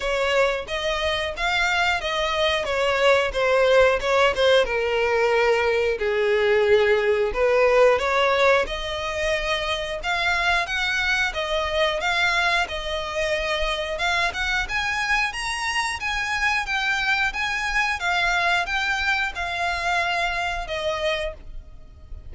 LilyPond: \new Staff \with { instrumentName = "violin" } { \time 4/4 \tempo 4 = 90 cis''4 dis''4 f''4 dis''4 | cis''4 c''4 cis''8 c''8 ais'4~ | ais'4 gis'2 b'4 | cis''4 dis''2 f''4 |
fis''4 dis''4 f''4 dis''4~ | dis''4 f''8 fis''8 gis''4 ais''4 | gis''4 g''4 gis''4 f''4 | g''4 f''2 dis''4 | }